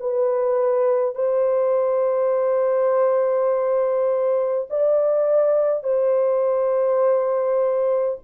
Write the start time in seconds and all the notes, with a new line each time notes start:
0.00 B4
1.15 C5
4.70 D5
5.83 C5